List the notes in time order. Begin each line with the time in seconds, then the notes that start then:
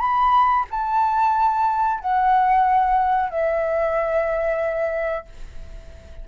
0.00 B5
0.71 A5
2.00 F#5
3.30 E5